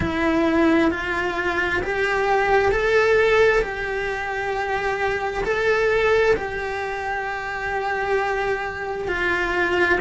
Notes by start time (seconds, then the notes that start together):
0.00 E4
0.90 F4
1.82 G4
2.71 A4
3.62 G4
5.44 A4
6.36 G4
9.07 F4